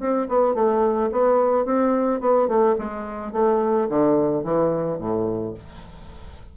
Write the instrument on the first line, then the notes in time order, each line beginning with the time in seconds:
bassoon
0.00 C4
0.29 B3
0.55 A3
1.12 B3
1.66 C4
2.21 B3
2.48 A3
2.79 G#3
3.33 A3
3.89 D3
4.44 E3
4.99 A2